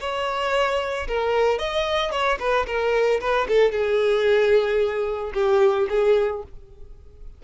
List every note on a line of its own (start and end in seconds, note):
0.00 1.07 C#5
1.07 1.58 A#4
1.58 2.11 D#5
2.11 2.38 C#5
2.39 2.66 B4
2.66 3.20 A#4
3.20 3.47 B4
3.48 3.72 A4
3.72 5.32 G#4
5.33 5.87 G4
5.89 6.43 G#4